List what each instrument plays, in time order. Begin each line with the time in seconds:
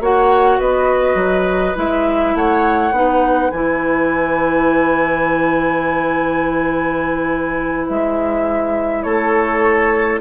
0.00 bassoon A#3, clarinet F#4, oboe C#5, flute F#5
0.59 bassoon B3, oboe B4, flute D#5
1.15 bassoon F#3
1.75 bassoon G#3, clarinet E4, flute E5
2.34 bassoon A3, oboe C#5, flute F#5
2.91 bassoon B3, clarinet D#4, oboe B4
3.51 bassoon E3, clarinet E4, flute G#5
7.89 bassoon G#3, flute E5
9.03 bassoon A3, oboe A4, flute C#5